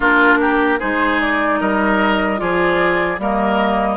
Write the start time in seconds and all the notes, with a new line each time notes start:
0.00 A#3 D4 F4 A#4
0.40 G4
0.79 G#3 D#4 G#4 C5
1.20 D5
1.60 G3 A#4 D#5
2.37 F3 F4 G#4 D5
3.18 G3 A#3 A#4 D#5